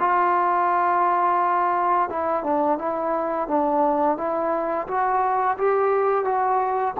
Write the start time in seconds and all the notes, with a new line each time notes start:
0.00 F4
2.10 E4
2.44 D4
2.78 E4
3.48 D4
4.17 E4
4.87 F#4
5.58 G4
6.25 F#4